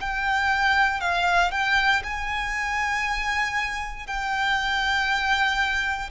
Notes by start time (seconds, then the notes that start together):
0.00 G5
1.00 F5
1.51 G5
2.03 G#5
4.06 G5